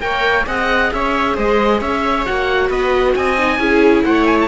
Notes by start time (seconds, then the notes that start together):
0.00 A#3 A#4 C#5 G5
0.46 C4 G#4 D#5 F#5
0.92 C#4 C#5 E5
1.35 G#3 C5 D#5
1.81 C#4 C#5 E5
2.25 A#3 F#4 F#5
2.68 B3 B4 D#5
3.15 C4 D#5 G#5
3.37 D#4
3.57 C#4 E4 G#4
4.04 A3 C#5 F#5
4.26 G#5
4.40 A5